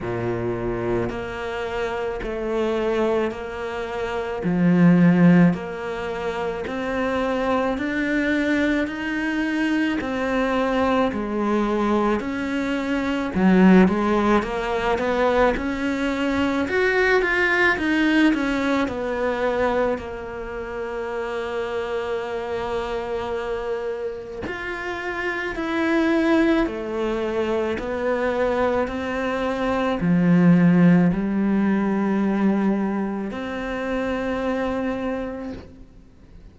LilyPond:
\new Staff \with { instrumentName = "cello" } { \time 4/4 \tempo 4 = 54 ais,4 ais4 a4 ais4 | f4 ais4 c'4 d'4 | dis'4 c'4 gis4 cis'4 | fis8 gis8 ais8 b8 cis'4 fis'8 f'8 |
dis'8 cis'8 b4 ais2~ | ais2 f'4 e'4 | a4 b4 c'4 f4 | g2 c'2 | }